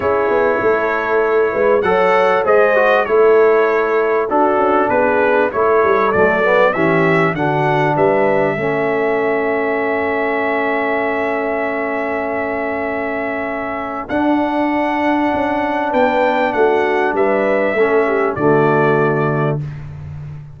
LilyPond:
<<
  \new Staff \with { instrumentName = "trumpet" } { \time 4/4 \tempo 4 = 98 cis''2. fis''4 | dis''4 cis''2 a'4 | b'4 cis''4 d''4 e''4 | fis''4 e''2.~ |
e''1~ | e''2. fis''4~ | fis''2 g''4 fis''4 | e''2 d''2 | }
  \new Staff \with { instrumentName = "horn" } { \time 4/4 gis'4 a'4. b'8 cis''4 | c''4 a'2 fis'4 | gis'4 a'2 g'4 | fis'4 b'4 a'2~ |
a'1~ | a'1~ | a'2 b'4 fis'4 | b'4 a'8 g'8 fis'2 | }
  \new Staff \with { instrumentName = "trombone" } { \time 4/4 e'2. a'4 | gis'8 fis'8 e'2 d'4~ | d'4 e'4 a8 b8 cis'4 | d'2 cis'2~ |
cis'1~ | cis'2. d'4~ | d'1~ | d'4 cis'4 a2 | }
  \new Staff \with { instrumentName = "tuba" } { \time 4/4 cis'8 b8 a4. gis8 fis4 | gis4 a2 d'8 cis'8 | b4 a8 g8 fis4 e4 | d4 g4 a2~ |
a1~ | a2. d'4~ | d'4 cis'4 b4 a4 | g4 a4 d2 | }
>>